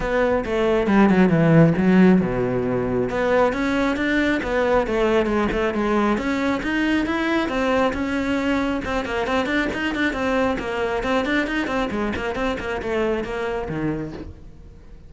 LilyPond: \new Staff \with { instrumentName = "cello" } { \time 4/4 \tempo 4 = 136 b4 a4 g8 fis8 e4 | fis4 b,2 b4 | cis'4 d'4 b4 a4 | gis8 a8 gis4 cis'4 dis'4 |
e'4 c'4 cis'2 | c'8 ais8 c'8 d'8 dis'8 d'8 c'4 | ais4 c'8 d'8 dis'8 c'8 gis8 ais8 | c'8 ais8 a4 ais4 dis4 | }